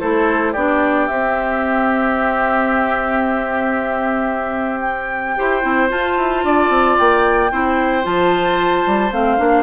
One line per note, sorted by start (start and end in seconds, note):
0.00 0.56 A3
0.00 0.55 E4
0.00 0.53 A4
0.00 0.54 C5
0.53 1.09 B3
0.53 1.10 D4
0.53 5.35 G4
0.53 1.07 D5
1.07 5.38 C4
1.07 5.37 C4
1.07 4.81 E5
4.81 5.88 G5
5.37 5.64 E4
5.37 5.62 G4
5.37 6.46 C5
5.62 5.91 C4
5.62 5.89 E4
5.89 7.50 F4
5.89 6.17 F4
5.89 6.98 A5
6.17 6.44 E4
6.44 6.70 D4
6.44 7.52 D5
6.70 6.97 C4
6.98 7.52 A#3
6.98 8.05 G5
7.52 8.05 C4
7.52 8.03 E4
7.52 9.63 C5
8.03 8.86 F3
8.03 9.10 F4
8.03 9.13 A5
8.87 9.12 G3
9.11 9.39 A3
9.11 9.38 C4
9.11 9.63 F5
9.38 9.63 A#3
9.38 9.63 D4